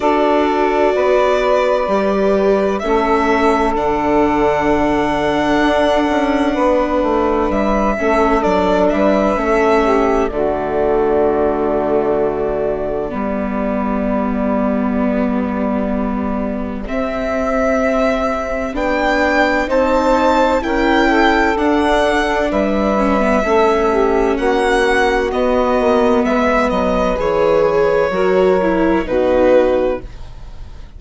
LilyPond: <<
  \new Staff \with { instrumentName = "violin" } { \time 4/4 \tempo 4 = 64 d''2. e''4 | fis''1 | e''4 d''8 e''4. d''4~ | d''1~ |
d''2 e''2 | g''4 a''4 g''4 fis''4 | e''2 fis''4 dis''4 | e''8 dis''8 cis''2 b'4 | }
  \new Staff \with { instrumentName = "saxophone" } { \time 4/4 a'4 b'2 a'4~ | a'2. b'4~ | b'8 a'4 b'8 a'8 g'8 fis'4~ | fis'2 g'2~ |
g'1~ | g'4 c''4 ais'8 a'4. | b'4 a'8 g'8 fis'2 | b'2 ais'4 fis'4 | }
  \new Staff \with { instrumentName = "viola" } { \time 4/4 fis'2 g'4 cis'4 | d'1~ | d'8 cis'8 d'4 cis'4 a4~ | a2 b2~ |
b2 c'2 | d'4 dis'4 e'4 d'4~ | d'8 cis'16 b16 cis'2 b4~ | b4 gis'4 fis'8 e'8 dis'4 | }
  \new Staff \with { instrumentName = "bassoon" } { \time 4/4 d'4 b4 g4 a4 | d2 d'8 cis'8 b8 a8 | g8 a8 fis8 g8 a4 d4~ | d2 g2~ |
g2 c'2 | b4 c'4 cis'4 d'4 | g4 a4 ais4 b8 ais8 | gis8 fis8 e4 fis4 b,4 | }
>>